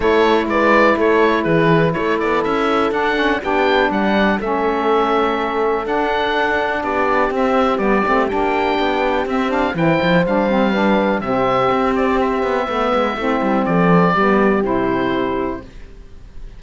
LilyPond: <<
  \new Staff \with { instrumentName = "oboe" } { \time 4/4 \tempo 4 = 123 cis''4 d''4 cis''4 b'4 | cis''8 d''8 e''4 fis''4 g''4 | fis''4 e''2. | fis''2 d''4 e''4 |
d''4 g''2 e''8 f''8 | g''4 f''2 e''4~ | e''8 d''8 e''2. | d''2 c''2 | }
  \new Staff \with { instrumentName = "horn" } { \time 4/4 a'4 b'4 a'4 gis'4 | a'2. g'4 | d''4 a'2.~ | a'2 g'2~ |
g'1 | c''2 b'4 g'4~ | g'2 b'4 e'4 | a'4 g'2. | }
  \new Staff \with { instrumentName = "saxophone" } { \time 4/4 e'1~ | e'2 d'8 cis'8 d'4~ | d'4 cis'2. | d'2. c'4 |
b8 c'8 d'2 c'8 d'8 | e'4 d'8 c'8 d'4 c'4~ | c'2 b4 c'4~ | c'4 b4 e'2 | }
  \new Staff \with { instrumentName = "cello" } { \time 4/4 a4 gis4 a4 e4 | a8 b8 cis'4 d'4 b4 | g4 a2. | d'2 b4 c'4 |
g8 a8 ais4 b4 c'4 | e8 f8 g2 c4 | c'4. b8 a8 gis8 a8 g8 | f4 g4 c2 | }
>>